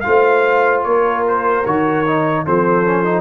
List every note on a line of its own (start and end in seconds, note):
0.00 0.85 A3
0.00 1.63 F4
0.00 0.80 F5
0.07 0.87 C5
0.83 1.65 A#3
0.83 2.45 A#4
0.83 1.23 C#5
1.27 1.65 C5
1.65 2.46 D#3
1.65 2.05 F#4
1.65 2.45 C#5
2.06 2.46 D#4
2.45 3.21 F3
2.45 2.85 C4
2.45 3.21 A4
2.45 3.21 C5
2.85 3.04 C#4
3.04 3.21 D#4